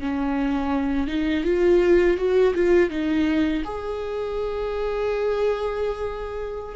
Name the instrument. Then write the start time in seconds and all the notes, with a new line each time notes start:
viola
0.00 C#4
1.08 D#4
1.44 F4
2.18 F#4
2.55 F4
2.90 D#4
3.65 G#4